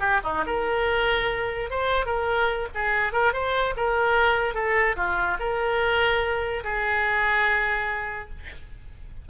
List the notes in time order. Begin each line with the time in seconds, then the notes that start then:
0.00 G4
0.24 D#4
0.46 A#4
1.70 C5
2.06 A#4
2.75 G#4
3.13 A#4
3.33 C5
3.77 A#4
4.54 A4
4.96 F4
5.40 A#4
6.64 G#4